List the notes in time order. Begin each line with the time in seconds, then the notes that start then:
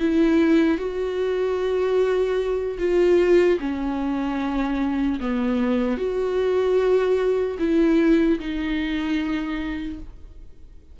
0.00 E4
0.78 F#4
2.79 F4
3.60 C#4
5.20 B3
5.98 F#4
7.59 E4
8.40 D#4